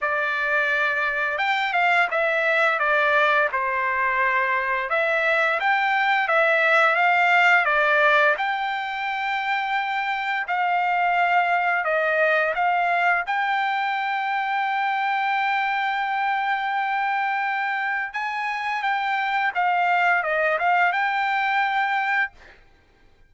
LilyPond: \new Staff \with { instrumentName = "trumpet" } { \time 4/4 \tempo 4 = 86 d''2 g''8 f''8 e''4 | d''4 c''2 e''4 | g''4 e''4 f''4 d''4 | g''2. f''4~ |
f''4 dis''4 f''4 g''4~ | g''1~ | g''2 gis''4 g''4 | f''4 dis''8 f''8 g''2 | }